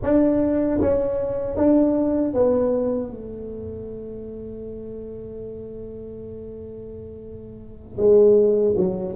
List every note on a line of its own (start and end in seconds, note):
0.02 0.80 D4
0.80 1.56 C#4
1.56 2.33 D4
2.33 3.11 B3
3.11 7.97 A3
7.97 8.75 G#3
8.76 9.15 F#3